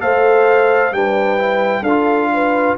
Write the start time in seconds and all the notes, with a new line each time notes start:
0.00 A3 A4 C5 F5
0.92 G3 D4 B4 G5
1.38 E4
1.82 D4 A4 F5
1.88 F4
2.34 B4